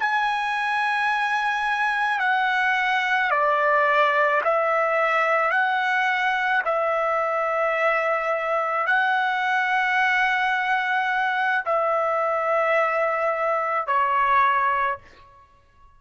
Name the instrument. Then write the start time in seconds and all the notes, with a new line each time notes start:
trumpet
0.00 G#5
2.20 F#5
3.31 D5
4.45 E5
5.52 F#5
6.66 E5
8.87 F#5
11.66 E5
13.87 C#5